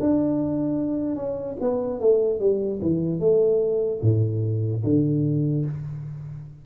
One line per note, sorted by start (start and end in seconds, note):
0.00 1.15 D4
1.15 1.56 C#4
1.60 2.00 B3
2.00 2.40 A3
2.40 2.80 G3
2.82 3.20 E3
3.20 4.01 A3
4.02 4.83 A2
4.84 5.65 D3